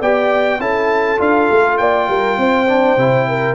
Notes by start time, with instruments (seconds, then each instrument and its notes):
0.00 tuba B3, trombone G4, horn D5, trumpet G5
0.59 tuba C#4, trombone E4, horn A4, trumpet A5
1.18 tuba D4, trombone F4, trumpet F5
1.51 tuba A3
1.78 tuba A#3, horn D5, trumpet G5
2.08 tuba G3, horn A#4
2.38 tuba C4, horn C5
2.68 trombone D4
2.97 tuba C3, trombone E4
3.28 horn A#4